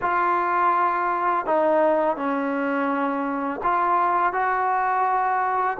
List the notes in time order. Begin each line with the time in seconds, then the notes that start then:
0.01 F4
1.46 D#4
2.16 C#4
3.63 F4
4.32 F#4